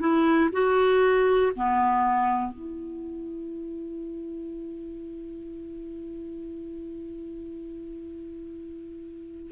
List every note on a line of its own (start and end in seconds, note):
0.00 0.50 E4
0.52 1.52 F#4
1.56 2.52 B3
2.52 9.51 E4